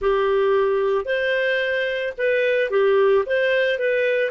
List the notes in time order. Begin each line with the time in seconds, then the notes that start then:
0.01 G4
1.05 C5
2.17 B4
2.70 G4
3.26 C5
3.78 B4